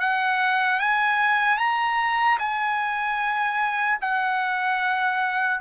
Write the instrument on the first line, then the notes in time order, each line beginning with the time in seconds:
trumpet
0.00 F#5
0.80 G#5
1.58 A#5
2.39 G#5
4.01 F#5